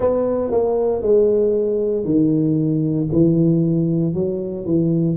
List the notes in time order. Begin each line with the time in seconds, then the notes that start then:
0.00 B3
0.51 A#3
1.02 G#3
2.04 D#3
3.11 E3
4.14 F#3
4.66 E3